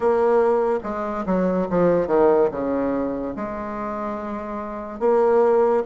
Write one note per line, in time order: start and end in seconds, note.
0.00 0.79 A#3
0.83 1.25 G#3
1.26 1.67 F#3
1.70 2.07 F3
2.07 2.48 D#3
2.51 3.34 C#3
3.36 4.99 G#3
4.99 5.83 A#3